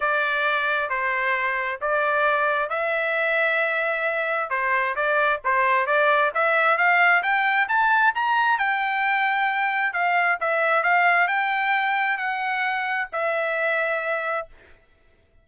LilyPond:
\new Staff \with { instrumentName = "trumpet" } { \time 4/4 \tempo 4 = 133 d''2 c''2 | d''2 e''2~ | e''2 c''4 d''4 | c''4 d''4 e''4 f''4 |
g''4 a''4 ais''4 g''4~ | g''2 f''4 e''4 | f''4 g''2 fis''4~ | fis''4 e''2. | }